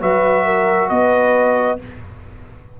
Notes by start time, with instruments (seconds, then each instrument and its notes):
0.00 tuba F#3, trombone F#4, horn B4, trumpet E5
0.45 horn A#4
0.89 tuba B3, horn B4, trumpet D#5